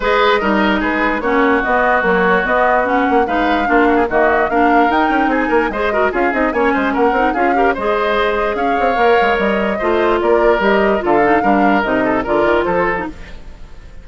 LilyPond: <<
  \new Staff \with { instrumentName = "flute" } { \time 4/4 \tempo 4 = 147 dis''2 b'4 cis''4 | dis''4 cis''4 dis''4 fis''4 | f''2 dis''4 f''4 | g''4 gis''4 dis''4 f''8 dis''8 |
gis''4 fis''4 f''4 dis''4~ | dis''4 f''2 dis''4~ | dis''4 d''4 dis''4 f''4~ | f''4 dis''4 d''4 c''4 | }
  \new Staff \with { instrumentName = "oboe" } { \time 4/4 b'4 ais'4 gis'4 fis'4~ | fis'1 | b'4 f'8 fis'16 gis'16 fis'4 ais'4~ | ais'4 gis'8 ais'8 c''8 ais'8 gis'4 |
cis''8 c''8 ais'4 gis'8 ais'8 c''4~ | c''4 cis''2. | c''4 ais'2 a'4 | ais'4. a'8 ais'4 a'4 | }
  \new Staff \with { instrumentName = "clarinet" } { \time 4/4 gis'4 dis'2 cis'4 | b4 fis4 b4 cis'4 | dis'4 d'4 ais4 d'4 | dis'2 gis'8 fis'8 f'8 dis'8 |
cis'4. dis'8 f'8 g'8 gis'4~ | gis'2 ais'2 | f'2 g'4 f'8 dis'8 | d'4 dis'4 f'4.~ f'16 dis'16 | }
  \new Staff \with { instrumentName = "bassoon" } { \time 4/4 gis4 g4 gis4 ais4 | b4 ais4 b4. ais8 | gis4 ais4 dis4 ais4 | dis'8 cis'8 c'8 ais8 gis4 cis'8 c'8 |
ais8 gis8 ais8 c'8 cis'4 gis4~ | gis4 cis'8 c'8 ais8 gis8 g4 | a4 ais4 g4 d4 | g4 c4 d8 dis8 f4 | }
>>